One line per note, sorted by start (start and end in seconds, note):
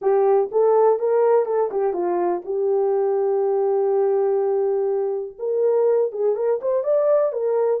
0.01 0.50 G4
0.51 0.99 A4
0.99 1.45 A#4
1.45 1.69 A4
1.71 1.93 G4
1.93 2.41 F4
2.44 5.37 G4
5.38 6.12 A#4
6.12 6.35 G#4
6.35 6.59 A#4
6.61 6.83 C5
6.83 7.32 D5
7.32 7.80 A#4